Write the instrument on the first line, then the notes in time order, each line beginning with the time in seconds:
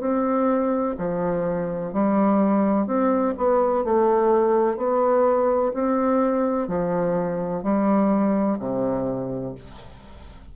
bassoon
0.00 C4
0.98 F3
1.93 G3
2.87 C4
3.38 B3
3.84 A3
4.77 B3
5.74 C4
6.68 F3
7.63 G3
8.59 C3